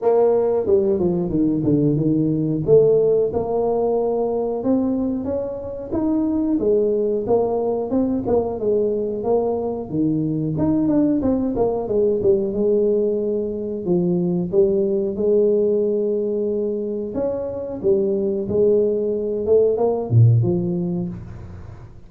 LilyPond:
\new Staff \with { instrumentName = "tuba" } { \time 4/4 \tempo 4 = 91 ais4 g8 f8 dis8 d8 dis4 | a4 ais2 c'4 | cis'4 dis'4 gis4 ais4 | c'8 ais8 gis4 ais4 dis4 |
dis'8 d'8 c'8 ais8 gis8 g8 gis4~ | gis4 f4 g4 gis4~ | gis2 cis'4 g4 | gis4. a8 ais8 ais,8 f4 | }